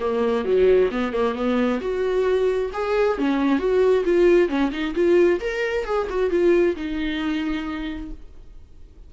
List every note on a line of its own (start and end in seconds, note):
0.00 0.45 A#3
0.45 0.90 F#3
0.91 1.13 B3
1.13 1.35 A#3
1.35 1.80 B3
1.81 2.71 F#4
2.73 3.18 G#4
3.18 3.59 C#4
3.59 4.04 F#4
4.05 4.49 F4
4.49 4.71 C#4
4.72 4.94 D#4
4.95 5.40 F4
5.41 5.85 A#4
5.85 6.08 G#4
6.10 6.31 F#4
6.31 6.76 F4
6.76 8.11 D#4